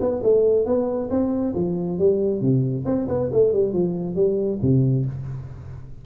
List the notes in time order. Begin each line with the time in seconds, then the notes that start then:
0.00 B3
0.23 A3
0.65 B3
1.10 C4
1.55 F3
1.98 G3
2.41 C3
2.85 C4
3.08 B3
3.32 A3
3.53 G3
3.73 F3
4.15 G3
4.62 C3